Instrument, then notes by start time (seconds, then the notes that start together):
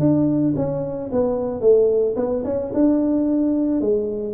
tuba
0.00 D4
0.56 C#4
1.12 B3
1.61 A3
2.16 B3
2.45 C#4
2.74 D4
3.81 G#3